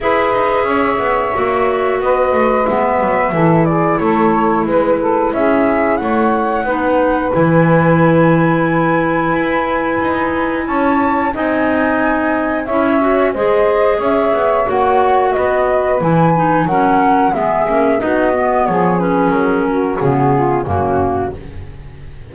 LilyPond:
<<
  \new Staff \with { instrumentName = "flute" } { \time 4/4 \tempo 4 = 90 e''2. dis''4 | e''4. d''8 cis''4 b'4 | e''4 fis''2 gis''4~ | gis''1 |
a''4 gis''2 e''4 | dis''4 e''4 fis''4 dis''4 | gis''4 fis''4 e''4 dis''4 | cis''8 b'8 ais'4 gis'4 fis'4 | }
  \new Staff \with { instrumentName = "saxophone" } { \time 4/4 b'4 cis''2 b'4~ | b'4 a'8 gis'8 a'4 b'8 a'8 | gis'4 cis''4 b'2~ | b'1 |
cis''4 dis''2 cis''4 | c''4 cis''2 b'4~ | b'4 ais'4 gis'4 fis'4 | gis'4. fis'4 f'8 cis'4 | }
  \new Staff \with { instrumentName = "clarinet" } { \time 4/4 gis'2 fis'2 | b4 e'2.~ | e'2 dis'4 e'4~ | e'1~ |
e'4 dis'2 e'8 fis'8 | gis'2 fis'2 | e'8 dis'8 cis'4 b8 cis'8 dis'8 b8~ | b8 cis'4. b4 ais4 | }
  \new Staff \with { instrumentName = "double bass" } { \time 4/4 e'8 dis'8 cis'8 b8 ais4 b8 a8 | gis8 fis8 e4 a4 gis4 | cis'4 a4 b4 e4~ | e2 e'4 dis'4 |
cis'4 c'2 cis'4 | gis4 cis'8 b8 ais4 b4 | e4 fis4 gis8 ais8 b4 | f4 fis4 cis4 fis,4 | }
>>